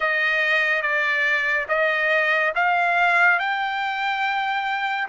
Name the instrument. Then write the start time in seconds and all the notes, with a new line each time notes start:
trumpet
0.00 D#5
0.81 D5
1.68 D#5
2.55 F5
3.39 G5